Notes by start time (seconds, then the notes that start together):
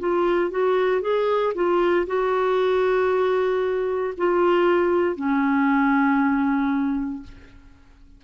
0.00 F4
0.51 F#4
1.02 G#4
1.55 F4
2.07 F#4
4.18 F4
5.16 C#4